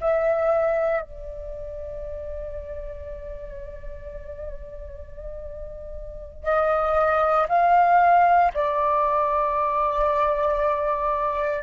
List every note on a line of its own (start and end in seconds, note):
0.00 1.01 E5
1.01 6.43 D5
6.43 7.47 D#5
7.48 8.52 F5
8.53 11.62 D5